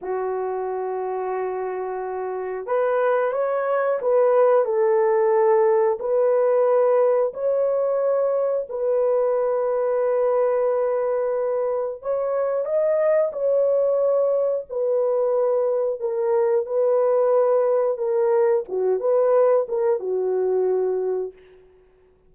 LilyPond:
\new Staff \with { instrumentName = "horn" } { \time 4/4 \tempo 4 = 90 fis'1 | b'4 cis''4 b'4 a'4~ | a'4 b'2 cis''4~ | cis''4 b'2.~ |
b'2 cis''4 dis''4 | cis''2 b'2 | ais'4 b'2 ais'4 | fis'8 b'4 ais'8 fis'2 | }